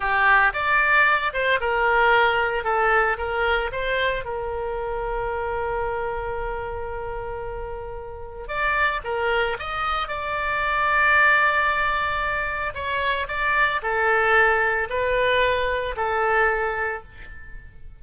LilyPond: \new Staff \with { instrumentName = "oboe" } { \time 4/4 \tempo 4 = 113 g'4 d''4. c''8 ais'4~ | ais'4 a'4 ais'4 c''4 | ais'1~ | ais'1 |
d''4 ais'4 dis''4 d''4~ | d''1 | cis''4 d''4 a'2 | b'2 a'2 | }